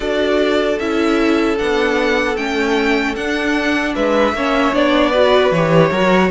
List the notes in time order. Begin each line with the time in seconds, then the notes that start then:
0.00 D4 F#4 A4 D5
0.78 C#4 E4 E5
1.57 B3 D4 F#5
2.36 A3 C#4 G5
3.15 D4 F#5
3.95 G#3 B4 E5
4.32 A#3 C#4 C#5
4.73 B3 D4 D5
5.11 F#4 B4
5.51 E3 G4 C#5
5.90 F#3 F#4 A#4